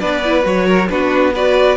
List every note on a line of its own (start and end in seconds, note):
0.00 0.45 B3
0.00 0.22 D4
0.00 0.66 B4
0.00 0.45 D5
0.25 0.43 E4
0.43 0.90 F#3
0.43 0.88 F#4
0.43 0.89 C#5
0.66 0.89 A#4
0.89 1.77 B3
0.89 1.34 D4
0.89 1.34 F#4
0.89 1.34 B4
1.34 1.77 F#4
1.34 1.77 B4
1.34 1.77 D5